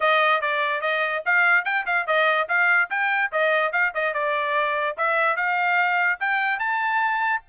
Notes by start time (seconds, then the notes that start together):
0.00 D#5
0.41 D5
0.81 D#5
1.25 F5
1.65 G5
1.86 F5
2.06 D#5
2.48 F5
2.89 G5
3.32 D#5
3.72 F5
3.94 D#5
4.13 D5
4.97 E5
5.36 F5
6.20 G5
6.59 A5